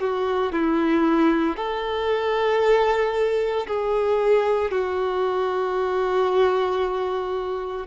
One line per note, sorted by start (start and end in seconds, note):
0.00 0.53 F#4
0.53 1.56 E4
1.56 3.67 A4
3.67 4.71 G#4
4.71 7.87 F#4